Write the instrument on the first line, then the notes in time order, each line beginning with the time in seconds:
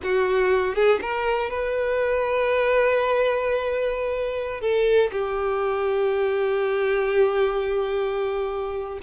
violin
0.03 F#4
0.74 G#4
1.01 A#4
1.50 B4
4.60 A4
5.11 G4